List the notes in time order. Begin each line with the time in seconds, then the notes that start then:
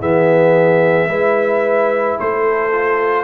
0.00 E3 B3 G#4 E5
1.08 G#3 E4 B4
2.18 A3 A4 C5
2.72 F4